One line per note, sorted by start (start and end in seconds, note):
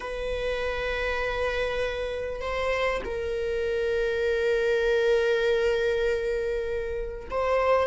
0.00 2.41 B4
2.41 3.01 C5
3.04 7.29 A#4
7.30 7.87 C5